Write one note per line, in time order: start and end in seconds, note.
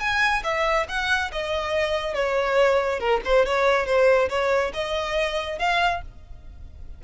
0.00 0.43 G#5
0.44 0.86 E5
0.88 1.31 F#5
1.32 2.14 D#5
2.14 2.99 C#5
2.99 3.21 A#4
3.25 3.46 C5
3.46 3.86 C#5
3.86 4.29 C5
4.29 4.72 C#5
4.74 5.59 D#5
5.59 6.01 F5